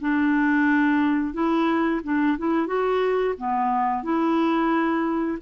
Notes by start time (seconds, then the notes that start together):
0.00 D4
1.33 E4
2.03 D4
2.38 E4
2.67 F#4
3.37 B3
4.03 E4